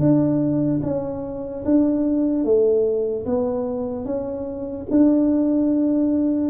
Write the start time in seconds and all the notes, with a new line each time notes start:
0.00 D4
0.83 C#4
1.65 D4
2.45 A3
3.26 B3
4.05 C#4
4.91 D4